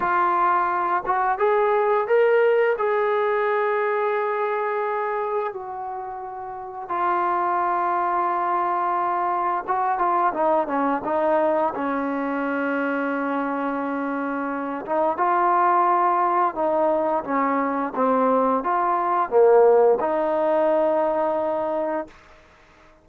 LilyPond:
\new Staff \with { instrumentName = "trombone" } { \time 4/4 \tempo 4 = 87 f'4. fis'8 gis'4 ais'4 | gis'1 | fis'2 f'2~ | f'2 fis'8 f'8 dis'8 cis'8 |
dis'4 cis'2.~ | cis'4. dis'8 f'2 | dis'4 cis'4 c'4 f'4 | ais4 dis'2. | }